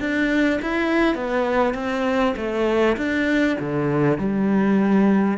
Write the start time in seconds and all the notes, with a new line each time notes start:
0.00 D4
0.62 E4
1.16 B3
1.75 C4
2.37 A3
2.97 D4
3.60 D3
4.19 G3